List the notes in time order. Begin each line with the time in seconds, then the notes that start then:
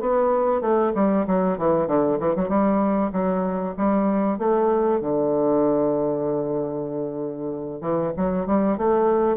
0.00 B3
0.61 A3
0.94 G3
1.26 F#3
1.58 E3
1.87 D3
2.19 E3
2.36 F#3
2.49 G3
3.12 F#3
3.77 G3
4.38 A3
5.01 D3
7.81 E3
8.16 F#3
8.46 G3
8.77 A3